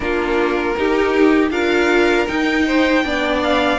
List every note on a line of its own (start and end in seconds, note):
0.00 0.74 A#3
0.00 0.75 D4
0.00 0.77 F4
0.00 1.50 A#4
0.77 1.50 D#4
0.77 1.51 G4
1.50 2.26 D4
1.50 2.26 F4
1.50 2.65 A#4
1.50 2.27 F5
2.27 3.03 D#4
2.27 3.05 D#4
2.27 3.41 G5
2.66 3.04 C5
3.03 3.78 B3
3.03 3.78 D4
3.03 3.78 D5
3.43 3.78 F5